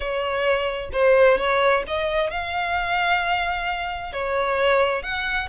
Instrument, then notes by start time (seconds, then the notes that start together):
violin
0.00 C#5
0.92 C5
1.38 C#5
1.87 D#5
2.30 F5
4.12 C#5
5.02 F#5